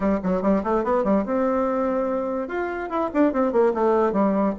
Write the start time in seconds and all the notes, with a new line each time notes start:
0.00 G3
0.23 F#3
0.42 G3
0.63 A3
0.84 B3
1.04 G3
1.25 C4
2.48 F4
2.89 E4
3.13 D4
3.32 C4
3.52 A#3
3.74 A3
4.12 G3